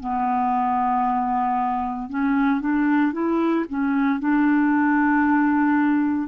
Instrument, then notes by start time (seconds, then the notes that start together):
clarinet
0.00 B3
2.10 C#4
2.60 D4
3.12 E4
3.69 C#4
4.20 D4